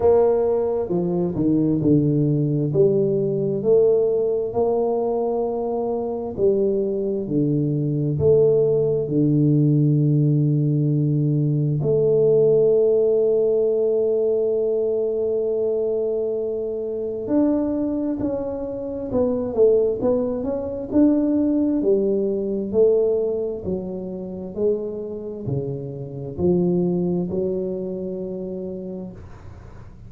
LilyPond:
\new Staff \with { instrumentName = "tuba" } { \time 4/4 \tempo 4 = 66 ais4 f8 dis8 d4 g4 | a4 ais2 g4 | d4 a4 d2~ | d4 a2.~ |
a2. d'4 | cis'4 b8 a8 b8 cis'8 d'4 | g4 a4 fis4 gis4 | cis4 f4 fis2 | }